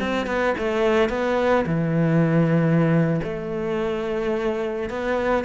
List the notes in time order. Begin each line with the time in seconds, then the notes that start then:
0.00 C4
0.26 B3
0.58 A3
1.09 B3
1.66 E3
3.23 A3
4.89 B3